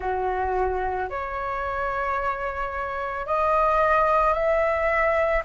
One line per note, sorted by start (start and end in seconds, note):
0.00 1.09 F#4
1.09 3.26 C#5
3.26 4.33 D#5
4.33 5.42 E5